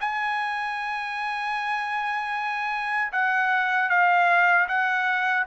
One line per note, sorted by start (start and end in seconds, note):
0.00 3.12 G#5
3.12 3.89 F#5
3.89 4.67 F5
4.68 5.46 F#5